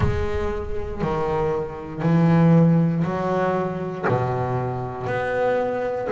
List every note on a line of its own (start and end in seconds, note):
0.00 1.01 G#3
1.01 2.02 D#3
2.02 3.03 E3
3.04 4.05 F#3
4.08 5.06 B2
5.06 6.08 B3